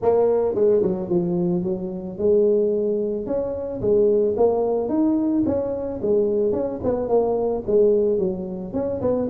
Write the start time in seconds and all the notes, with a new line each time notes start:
0.01 A#3
0.55 G#3
0.82 F#3
1.09 F3
1.63 F#3
2.17 G#3
3.26 C#4
3.81 G#3
4.36 A#3
4.88 D#4
5.45 C#4
6.02 G#3
6.52 C#4
6.83 B3
7.08 A#3
7.66 G#3
8.18 F#3
8.73 C#4
9.01 B3